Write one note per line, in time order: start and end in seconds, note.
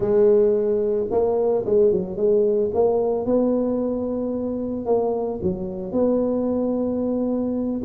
0.00 1.06 G#3
1.10 1.64 A#3
1.65 1.92 G#3
1.92 2.16 F#3
2.16 2.71 G#3
2.73 3.25 A#3
3.25 4.85 B3
4.85 5.39 A#3
5.42 5.92 F#3
5.92 7.81 B3